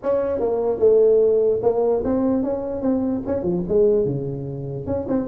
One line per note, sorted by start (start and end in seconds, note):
0.03 0.39 C#4
0.39 0.79 A#3
0.79 1.60 A3
1.62 2.03 A#3
2.04 2.43 C4
2.43 2.81 C#4
2.81 3.22 C4
3.26 3.43 C#4
3.43 3.63 F3
3.68 4.05 G#3
4.05 4.86 C#3
4.86 5.06 C#4
5.08 5.27 C4